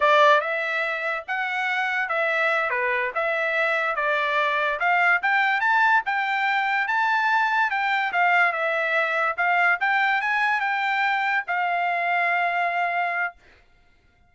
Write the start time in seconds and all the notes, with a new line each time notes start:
0.00 D5
0.41 E5
1.27 F#5
2.08 E5
2.70 B4
3.15 E5
3.95 D5
4.79 F5
5.22 G5
5.60 A5
6.05 G5
6.87 A5
7.70 G5
8.12 F5
8.52 E5
9.37 F5
9.80 G5
10.21 G#5
10.60 G5
11.47 F5